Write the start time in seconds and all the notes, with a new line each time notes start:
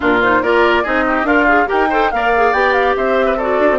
0.00 A#2 D4 F4 A#4
0.22 D#4 C5
0.42 A#3 F4 A#4 D5
0.83 C4 D#4 G#4 D#5
1.07 G4
1.23 D4 F4 A#4 F5
1.47 G#4
1.66 G4 A#4 G5
1.72 D#4
1.89 A4 C5
2.11 A#3 A#4 D5 F5
2.36 G#4
2.52 B3 G4 G5
2.72 F5
2.96 C4 C5 E5
3.26 B4
3.36 F#4 A4 D5
3.59 D4
3.70 C4